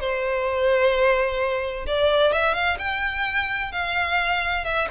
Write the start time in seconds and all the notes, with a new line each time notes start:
0.00 C5
1.86 D5
2.32 E5
2.54 F5
2.78 G5
3.72 F5
4.64 E5